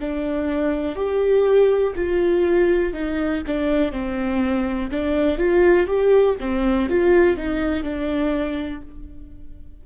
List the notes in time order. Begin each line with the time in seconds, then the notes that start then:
0.00 D4
0.95 G4
1.95 F4
2.93 D#4
3.46 D4
3.92 C4
4.90 D4
5.38 F4
5.87 G4
6.40 C4
6.89 F4
7.36 D#4
7.83 D4